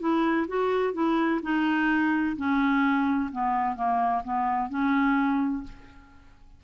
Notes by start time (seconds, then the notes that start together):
0.00 E4
0.48 F#4
0.94 E4
1.43 D#4
2.37 C#4
3.32 B3
3.76 A#3
4.24 B3
4.70 C#4